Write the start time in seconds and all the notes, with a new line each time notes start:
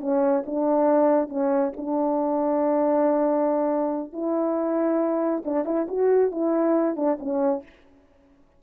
0.00 C#4
0.45 D4
1.28 C#4
1.76 D4
4.12 E4
5.44 D4
5.65 E4
5.88 F#4
6.31 E4
6.96 D4
7.19 C#4